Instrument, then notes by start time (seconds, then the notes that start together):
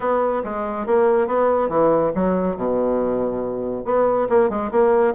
bassoon
0.00 B3
0.43 G#3
0.86 A#3
1.27 B3
1.69 E3
2.14 F#3
2.56 B2
3.85 B3
4.29 A#3
4.49 G#3
4.71 A#3